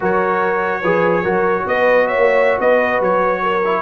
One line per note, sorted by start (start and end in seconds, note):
0.00 0.83 F#3
0.00 0.83 F#4
0.00 0.81 A#4
0.00 1.67 C#5
0.81 1.24 F3
0.81 1.24 G#4
0.81 1.22 B4
1.23 1.66 F#3
1.23 3.62 F#4
1.23 1.64 A#4
1.66 2.17 B3
1.66 2.06 B4
1.66 2.07 D#5
2.06 2.58 C#5
2.06 2.58 E5
2.17 2.58 A#3
2.58 3.00 B3
2.58 3.41 B4
2.58 3.01 D#5
3.00 3.81 F#3
3.00 3.81 C#5
3.42 3.81 A#4
3.64 3.81 E4